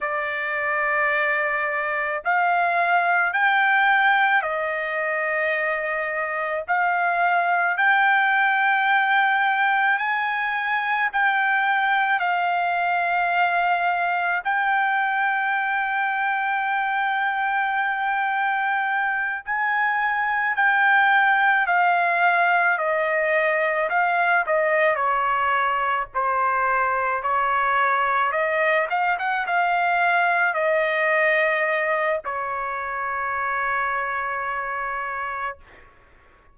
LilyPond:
\new Staff \with { instrumentName = "trumpet" } { \time 4/4 \tempo 4 = 54 d''2 f''4 g''4 | dis''2 f''4 g''4~ | g''4 gis''4 g''4 f''4~ | f''4 g''2.~ |
g''4. gis''4 g''4 f''8~ | f''8 dis''4 f''8 dis''8 cis''4 c''8~ | c''8 cis''4 dis''8 f''16 fis''16 f''4 dis''8~ | dis''4 cis''2. | }